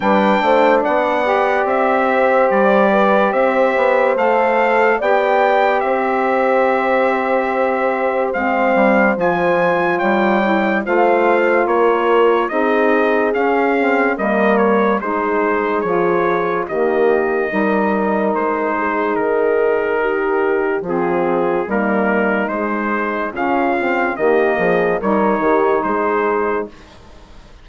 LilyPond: <<
  \new Staff \with { instrumentName = "trumpet" } { \time 4/4 \tempo 4 = 72 g''4 fis''4 e''4 d''4 | e''4 f''4 g''4 e''4~ | e''2 f''4 gis''4 | g''4 f''4 cis''4 dis''4 |
f''4 dis''8 cis''8 c''4 cis''4 | dis''2 c''4 ais'4~ | ais'4 gis'4 ais'4 c''4 | f''4 dis''4 cis''4 c''4 | }
  \new Staff \with { instrumentName = "horn" } { \time 4/4 b'8 c''8 d''4. c''4 b'8 | c''2 d''4 c''4~ | c''1 | cis''4 c''4 ais'4 gis'4~ |
gis'4 ais'4 gis'2 | g'4 ais'4. gis'4. | g'4 f'4 dis'2 | f'4 g'8 gis'8 ais'8 g'8 gis'4 | }
  \new Staff \with { instrumentName = "saxophone" } { \time 4/4 d'4. g'2~ g'8~ | g'4 a'4 g'2~ | g'2 c'4 f'4~ | f'8 e'8 f'2 dis'4 |
cis'8 c'8 ais4 dis'4 f'4 | ais4 dis'2.~ | dis'4 c'4 ais4 gis4 | cis'8 c'8 ais4 dis'2 | }
  \new Staff \with { instrumentName = "bassoon" } { \time 4/4 g8 a8 b4 c'4 g4 | c'8 b8 a4 b4 c'4~ | c'2 gis8 g8 f4 | g4 a4 ais4 c'4 |
cis'4 g4 gis4 f4 | dis4 g4 gis4 dis4~ | dis4 f4 g4 gis4 | cis4 dis8 f8 g8 dis8 gis4 | }
>>